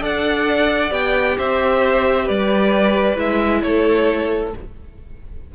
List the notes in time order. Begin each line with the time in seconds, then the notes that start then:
0.00 D4 A4 D5 F#5
0.90 B3 G4 G5
1.37 C4 C5 E5
2.25 G3 B4 D5
3.15 G#3 E4 E5
3.62 A3 A4 C#5